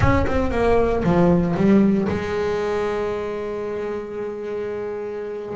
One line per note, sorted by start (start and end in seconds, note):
0.00 0.25 C#4
0.26 0.51 C4
0.51 1.03 A#3
1.03 1.55 F3
1.56 2.08 G3
2.08 5.56 G#3